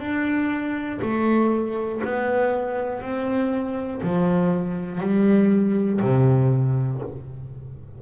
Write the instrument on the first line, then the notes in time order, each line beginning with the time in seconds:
double bass
0.00 D4
1.02 A3
2.05 B3
3.02 C4
4.03 F3
5.00 G3
6.02 C3